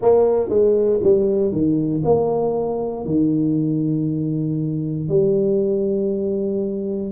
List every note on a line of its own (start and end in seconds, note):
0.01 0.49 A#3
0.49 0.99 G#3
1.03 1.52 G3
1.52 2.02 D#3
2.04 3.05 A#3
3.05 5.08 D#3
5.08 7.12 G3